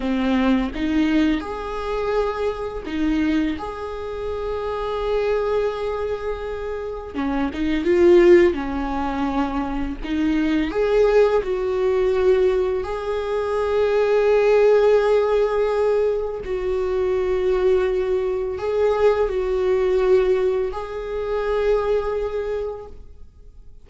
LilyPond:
\new Staff \with { instrumentName = "viola" } { \time 4/4 \tempo 4 = 84 c'4 dis'4 gis'2 | dis'4 gis'2.~ | gis'2 cis'8 dis'8 f'4 | cis'2 dis'4 gis'4 |
fis'2 gis'2~ | gis'2. fis'4~ | fis'2 gis'4 fis'4~ | fis'4 gis'2. | }